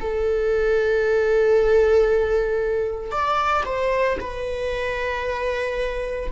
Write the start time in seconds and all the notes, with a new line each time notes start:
0.00 A4
3.11 D5
3.65 C5
4.20 B4